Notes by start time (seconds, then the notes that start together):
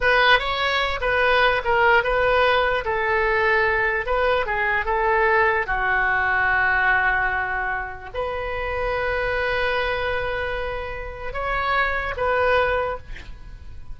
0.01 B4
0.39 C#5
1.01 B4
1.64 A#4
2.03 B4
2.84 A4
4.06 B4
4.46 G#4
4.85 A4
5.66 F#4
8.14 B4
11.33 C#5
12.16 B4